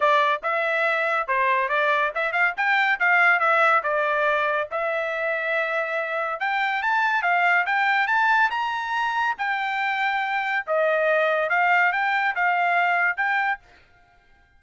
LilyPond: \new Staff \with { instrumentName = "trumpet" } { \time 4/4 \tempo 4 = 141 d''4 e''2 c''4 | d''4 e''8 f''8 g''4 f''4 | e''4 d''2 e''4~ | e''2. g''4 |
a''4 f''4 g''4 a''4 | ais''2 g''2~ | g''4 dis''2 f''4 | g''4 f''2 g''4 | }